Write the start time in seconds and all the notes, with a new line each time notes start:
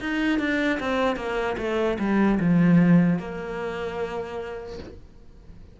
0.00 D#4
0.39 D4
0.80 C4
1.16 A#3
1.57 A3
1.99 G3
2.40 F3
3.19 A#3